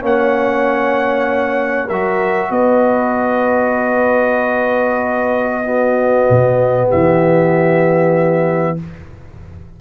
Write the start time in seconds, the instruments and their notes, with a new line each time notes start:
0.00 tuba A#3, trombone C#4, horn C#5, trumpet F#5
1.86 tuba F#3, trombone F#4, horn A#4, trumpet E5
2.50 tuba B3, horn B4, trumpet D#5
5.64 trombone B3, horn F#4
6.29 tuba B2
6.87 tuba E3, horn G4, trumpet E5